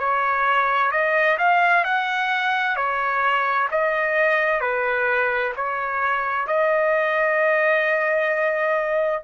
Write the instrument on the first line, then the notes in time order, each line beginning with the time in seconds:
trumpet
0.00 C#5
0.92 D#5
1.39 F5
1.85 F#5
2.77 C#5
3.71 D#5
4.61 B4
5.57 C#5
6.47 D#5